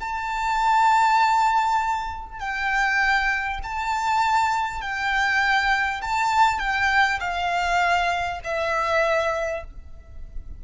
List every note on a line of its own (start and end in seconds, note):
0.00 2.39 A5
2.39 3.59 G5
3.63 4.81 A5
4.81 6.01 G5
6.02 6.59 A5
6.59 7.19 G5
7.20 8.40 F5
8.44 9.64 E5